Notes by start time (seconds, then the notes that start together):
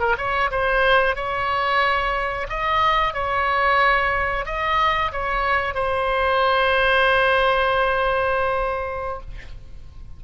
0.00 A#4
0.18 C#5
0.51 C5
1.16 C#5
2.49 D#5
3.14 C#5
4.46 D#5
5.12 C#5
5.75 C5